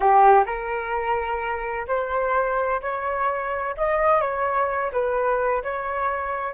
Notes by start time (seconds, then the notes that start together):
0.00 G4
0.46 A#4
1.87 C5
2.81 C#5
3.77 D#5
4.21 C#5
4.92 B4
5.63 C#5